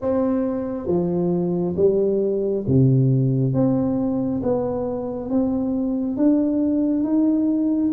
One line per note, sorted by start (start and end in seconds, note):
0.01 0.87 C4
0.87 1.75 F3
1.76 2.64 G3
2.67 3.53 C3
3.53 4.41 C4
4.42 5.29 B3
5.29 6.16 C4
6.16 7.03 D4
7.03 7.92 D#4